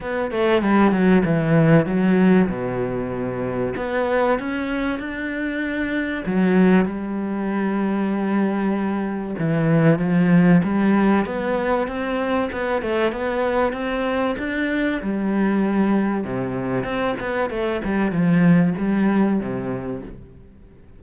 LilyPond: \new Staff \with { instrumentName = "cello" } { \time 4/4 \tempo 4 = 96 b8 a8 g8 fis8 e4 fis4 | b,2 b4 cis'4 | d'2 fis4 g4~ | g2. e4 |
f4 g4 b4 c'4 | b8 a8 b4 c'4 d'4 | g2 c4 c'8 b8 | a8 g8 f4 g4 c4 | }